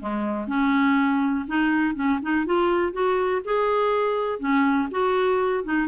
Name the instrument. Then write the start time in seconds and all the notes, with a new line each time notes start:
clarinet
0.00 G#3
0.48 C#4
1.48 D#4
1.95 C#4
2.22 D#4
2.46 F4
2.93 F#4
3.45 G#4
4.40 C#4
4.91 F#4
5.65 D#4